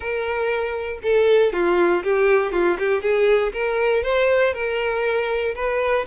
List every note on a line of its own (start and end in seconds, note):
0.00 0.99 A#4
1.02 1.52 A4
1.52 2.03 F4
2.03 2.52 G4
2.52 2.77 F4
2.78 3.02 G4
3.02 3.52 G#4
3.52 4.03 A#4
4.03 4.53 C5
4.53 5.54 A#4
5.55 6.05 B4